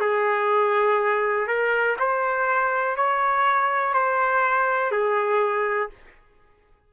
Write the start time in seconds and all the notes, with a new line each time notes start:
0.00 G#4
1.47 A#4
1.99 C5
2.96 C#5
3.93 C5
4.91 G#4